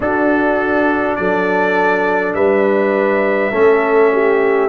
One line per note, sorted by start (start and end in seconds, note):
0.00 1.16 D4
0.00 3.51 D4
0.00 1.18 F#4
0.00 1.15 A4
1.15 2.33 F#3
1.15 2.35 A4
1.15 2.33 D5
2.33 3.51 G3
2.33 3.51 B4
2.33 4.68 E5
3.51 4.68 A3
3.51 4.68 C#4
3.51 4.10 A4
4.12 4.68 G4